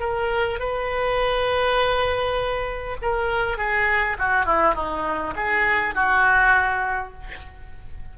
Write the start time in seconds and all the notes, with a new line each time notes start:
0.00 A#4
0.60 B4
3.02 A#4
3.58 G#4
4.19 F#4
4.46 E4
4.75 D#4
5.36 G#4
5.95 F#4